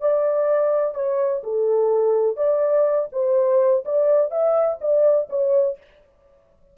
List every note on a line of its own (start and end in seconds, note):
0.00 0.95 D5
0.95 1.43 C#5
1.43 2.37 A4
2.37 3.09 D5
3.12 3.84 C5
3.85 4.31 D5
4.31 4.79 E5
4.81 5.29 D5
5.29 5.77 C#5